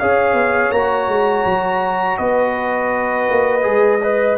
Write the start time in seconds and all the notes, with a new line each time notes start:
0.00 C#4 G#4 C#5 F5
0.34 B3
0.72 A#3 F#4 A#5
1.08 G#3
1.46 F#3
2.18 B3 B4 D#5
3.30 A#3
3.62 G#3 G#4
4.01 B4 D#5